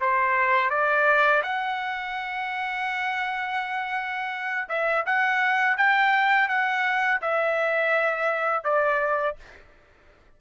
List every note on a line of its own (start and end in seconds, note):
0.00 0.70 C5
0.70 1.42 D5
1.43 4.68 F#5
4.69 5.05 E5
5.06 5.77 F#5
5.77 6.48 G5
6.48 7.21 F#5
7.21 8.64 E5
8.64 9.36 D5